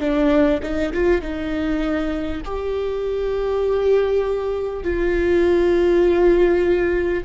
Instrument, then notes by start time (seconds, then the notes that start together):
viola
0.00 D4
0.62 D#4
0.93 F4
1.21 D#4
2.45 G4
4.83 F4